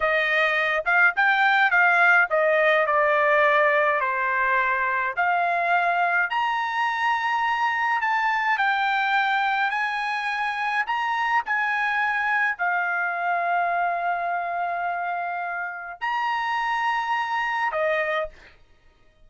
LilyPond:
\new Staff \with { instrumentName = "trumpet" } { \time 4/4 \tempo 4 = 105 dis''4. f''8 g''4 f''4 | dis''4 d''2 c''4~ | c''4 f''2 ais''4~ | ais''2 a''4 g''4~ |
g''4 gis''2 ais''4 | gis''2 f''2~ | f''1 | ais''2. dis''4 | }